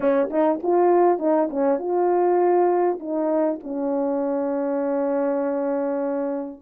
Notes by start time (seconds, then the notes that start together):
0.00 C#4
0.30 D#4
0.62 F4
1.18 D#4
1.50 C#4
1.78 F4
2.99 D#4
3.63 C#4